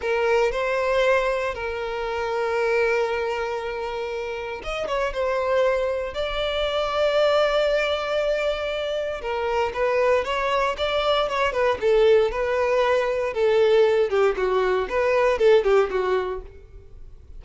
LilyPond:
\new Staff \with { instrumentName = "violin" } { \time 4/4 \tempo 4 = 117 ais'4 c''2 ais'4~ | ais'1~ | ais'4 dis''8 cis''8 c''2 | d''1~ |
d''2 ais'4 b'4 | cis''4 d''4 cis''8 b'8 a'4 | b'2 a'4. g'8 | fis'4 b'4 a'8 g'8 fis'4 | }